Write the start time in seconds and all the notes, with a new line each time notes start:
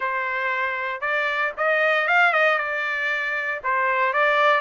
0.00 C5
1.00 D5
1.57 D#5
2.07 F5
2.32 D#5
2.58 D5
3.63 C5
4.13 D5